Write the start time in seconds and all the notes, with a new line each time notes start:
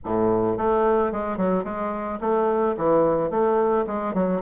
0.04 A2
0.57 A3
1.12 G#3
1.37 F#3
1.64 G#3
2.20 A3
2.77 E3
3.30 A3
3.86 G#3
4.14 F#3